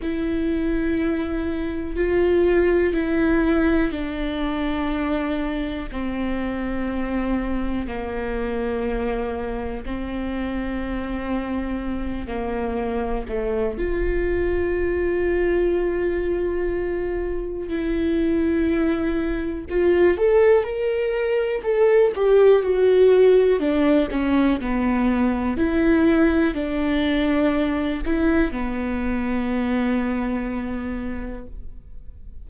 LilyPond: \new Staff \with { instrumentName = "viola" } { \time 4/4 \tempo 4 = 61 e'2 f'4 e'4 | d'2 c'2 | ais2 c'2~ | c'8 ais4 a8 f'2~ |
f'2 e'2 | f'8 a'8 ais'4 a'8 g'8 fis'4 | d'8 cis'8 b4 e'4 d'4~ | d'8 e'8 b2. | }